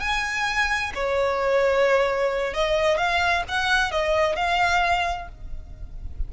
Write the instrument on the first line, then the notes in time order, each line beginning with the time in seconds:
violin
0.00 G#5
0.95 C#5
2.54 D#5
2.97 F5
3.48 F#5
3.91 D#5
4.36 F5